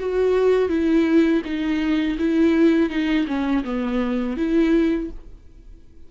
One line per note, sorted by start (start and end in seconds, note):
0.00 0.69 F#4
0.69 1.42 E4
1.45 2.18 D#4
2.19 2.90 E4
2.90 3.27 D#4
3.27 3.64 C#4
3.64 4.37 B3
4.37 5.10 E4